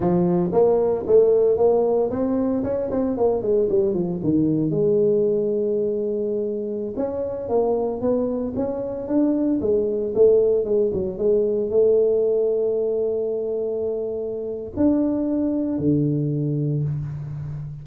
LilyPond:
\new Staff \with { instrumentName = "tuba" } { \time 4/4 \tempo 4 = 114 f4 ais4 a4 ais4 | c'4 cis'8 c'8 ais8 gis8 g8 f8 | dis4 gis2.~ | gis4~ gis16 cis'4 ais4 b8.~ |
b16 cis'4 d'4 gis4 a8.~ | a16 gis8 fis8 gis4 a4.~ a16~ | a1 | d'2 d2 | }